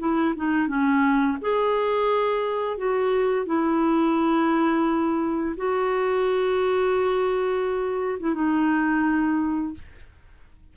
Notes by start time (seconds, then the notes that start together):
0.00 E4
0.36 D#4
0.68 C#4
1.42 G#4
2.78 F#4
3.47 E4
5.57 F#4
8.20 E4
8.35 D#4